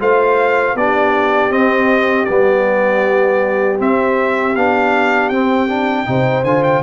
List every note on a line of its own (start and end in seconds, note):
0.00 0.75 A3
0.00 0.76 F4
0.00 0.76 C5
0.00 0.77 F5
0.75 1.51 B3
0.75 1.50 D4
0.75 6.09 G4
0.75 1.52 D5
1.50 2.26 C4
1.50 2.27 C4
1.50 2.25 D#5
2.25 3.80 G3
2.25 3.78 B3
2.25 3.77 D5
3.78 4.54 C4
3.78 4.56 C4
3.78 4.56 E5
4.56 5.30 B3
4.56 5.33 D4
4.56 5.29 F5
5.29 6.06 C4
5.29 5.68 C4
5.29 6.43 G5
5.68 6.06 D4
6.06 6.44 C3
6.06 6.44 D#4
6.06 6.83 C5
6.44 6.82 D3
6.44 6.83 F4
6.44 6.63 G#5
6.63 6.82 G5